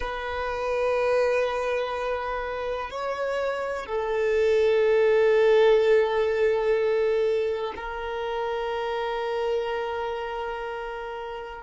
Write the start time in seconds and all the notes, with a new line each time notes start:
0.00 B4
2.90 C#5
3.86 A4
7.76 A#4